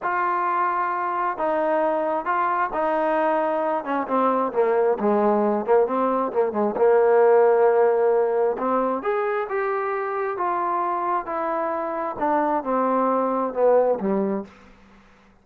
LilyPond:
\new Staff \with { instrumentName = "trombone" } { \time 4/4 \tempo 4 = 133 f'2. dis'4~ | dis'4 f'4 dis'2~ | dis'8 cis'8 c'4 ais4 gis4~ | gis8 ais8 c'4 ais8 gis8 ais4~ |
ais2. c'4 | gis'4 g'2 f'4~ | f'4 e'2 d'4 | c'2 b4 g4 | }